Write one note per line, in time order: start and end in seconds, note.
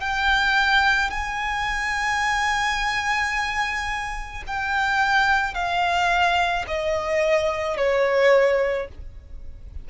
0.00 1.10 G5
1.10 4.43 G#5
4.47 5.54 G5
5.54 6.65 F5
6.67 7.77 D#5
7.77 8.88 C#5